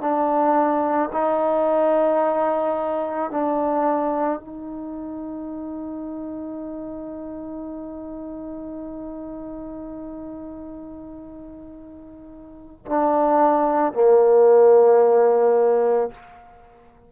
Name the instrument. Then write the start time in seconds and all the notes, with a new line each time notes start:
trombone
0.00 D4
1.12 D#4
3.30 D4
4.39 D#4
12.85 D4
13.93 A#3